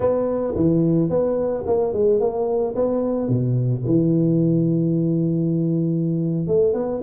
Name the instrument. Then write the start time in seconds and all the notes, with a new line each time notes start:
tuba
0.00 B3
0.55 E3
1.09 B3
1.66 A#3
1.93 G#3
2.19 A#3
2.75 B3
3.28 B2
3.86 E3
6.47 A3
6.73 B3